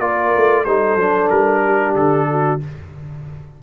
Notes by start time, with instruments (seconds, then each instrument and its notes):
0.00 tuba A#3, trombone F4, horn A#4, trumpet D5
0.37 tuba A3
0.64 tuba G3, trombone D#4, horn A4, trumpet C5
0.96 tuba F#3, trombone D4
1.30 tuba G3, trumpet A#4
1.64 horn G4
1.95 tuba D3, trumpet A4
2.31 horn F#4